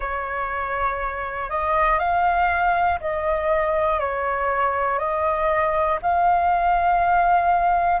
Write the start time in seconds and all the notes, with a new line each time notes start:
0.00 C#5
1.50 D#5
1.99 F5
3.00 D#5
4.00 C#5
4.99 D#5
6.01 F5